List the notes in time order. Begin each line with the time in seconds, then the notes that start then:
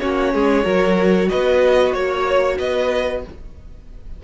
0.00 A#3 C#4 F#4 C#5
0.34 G#3 G#4
0.64 F#3 F#4 A#4
1.29 B3 B4 D#5
1.93 A#3 C#5
2.58 B3 B4 D#5